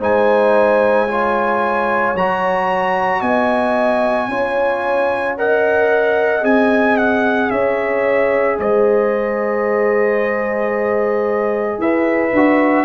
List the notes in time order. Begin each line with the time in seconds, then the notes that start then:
0.00 G#3 D#4 C5 G#5
1.06 F4 C#5
2.15 F#3 F#4 A#5
3.21 B3 D#5 G#5
4.28 C#4 F4 C#5
5.37 A#4 D#5 F#5
6.41 C4 G#4 G#5
6.97 F#5
7.50 C#4 C#5 E5
8.59 G#3 C5 D#5
11.78 E4 B4 E5
12.32 D4 F#4